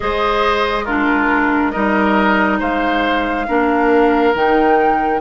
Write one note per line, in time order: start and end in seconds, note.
0.00 1.75 G#3
0.00 0.85 G#4
0.00 0.84 C5
0.00 0.85 D#5
0.84 1.73 D4
0.84 1.71 F4
0.84 1.71 A#4
1.71 2.61 G3
1.71 3.47 D#4
1.71 2.59 A#4
1.71 2.58 D#5
2.59 3.47 G#3
2.59 3.46 C5
2.59 4.35 F5
3.47 4.34 A#3
3.47 4.34 D4
3.47 5.21 A#4
4.34 5.21 D#3
4.34 5.21 D#4
4.34 5.21 G5